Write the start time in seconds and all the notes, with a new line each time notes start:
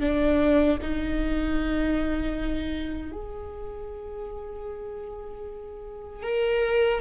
0.00 D4
0.81 D#4
3.12 G#4
6.23 A#4